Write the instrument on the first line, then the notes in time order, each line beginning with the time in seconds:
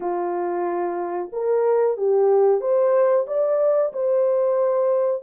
horn
0.00 F4
1.32 A#4
1.97 G4
2.61 C5
3.27 D5
3.92 C5